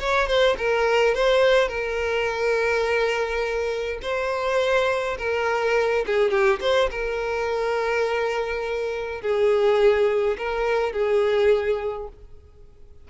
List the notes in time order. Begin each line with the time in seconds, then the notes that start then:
0.00 C#5
0.28 C5
0.58 A#4
1.15 C5
1.69 A#4
4.03 C5
5.19 A#4
6.07 G#4
6.31 G4
6.61 C5
6.91 A#4
9.22 G#4
10.38 A#4
10.93 G#4